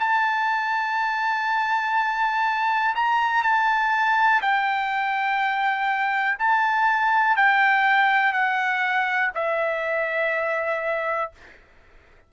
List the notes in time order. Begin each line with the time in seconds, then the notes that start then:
0.00 A5
2.96 A#5
3.43 A5
4.42 G5
6.39 A5
7.37 G5
8.33 F#5
9.35 E5